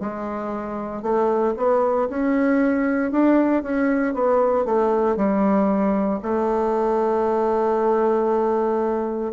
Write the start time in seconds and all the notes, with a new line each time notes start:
0.00 G#3
1.03 A3
1.57 B3
2.09 C#4
3.11 D4
3.63 C#4
4.14 B3
4.65 A3
5.16 G3
6.22 A3